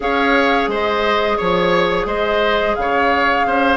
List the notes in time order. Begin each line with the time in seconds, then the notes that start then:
0.00 C#4 G#4 C#5 F5
0.67 G#3 C5 D#5
1.37 F3 C#5
2.05 G#3 C5 D#5
2.75 C#3 C#5 F5
3.46 C#4 C5